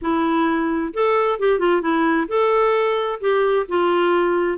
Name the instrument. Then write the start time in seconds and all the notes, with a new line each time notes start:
clarinet
0.01 E4
0.93 A4
1.39 G4
1.59 F4
1.81 E4
2.28 A4
3.20 G4
3.68 F4